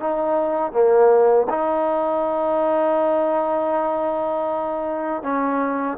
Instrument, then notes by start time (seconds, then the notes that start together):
trombone
0.00 D#4
0.73 A#3
1.50 D#4
5.23 C#4